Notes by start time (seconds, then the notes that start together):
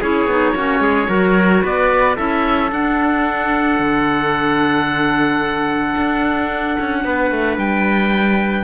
0.00 C#4 E4 G#4 C#5
0.26 B3 D#4
0.55 A#3 C#4 F#4
0.79 G#3 G#4
1.07 F#3 F#4 A#4
1.62 B3 B4 D5
2.16 C#4 E4 A4 E5
2.69 D4 F#5
3.79 D3
5.96 D4
6.80 C#4
7.04 B3 B4
7.31 A3
7.57 G3 G5